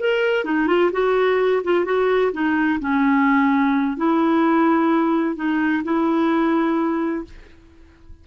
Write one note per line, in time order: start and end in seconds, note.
0.00 0.45 A#4
0.45 0.68 D#4
0.68 0.91 F4
0.92 1.63 F#4
1.64 1.85 F4
1.85 2.32 F#4
2.33 2.80 D#4
2.81 3.98 C#4
3.98 5.36 E4
5.36 5.83 D#4
5.84 7.25 E4